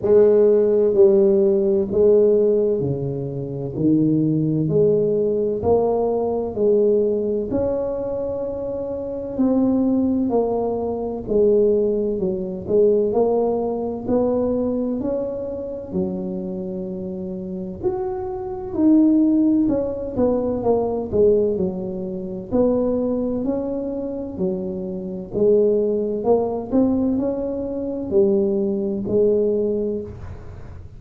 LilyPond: \new Staff \with { instrumentName = "tuba" } { \time 4/4 \tempo 4 = 64 gis4 g4 gis4 cis4 | dis4 gis4 ais4 gis4 | cis'2 c'4 ais4 | gis4 fis8 gis8 ais4 b4 |
cis'4 fis2 fis'4 | dis'4 cis'8 b8 ais8 gis8 fis4 | b4 cis'4 fis4 gis4 | ais8 c'8 cis'4 g4 gis4 | }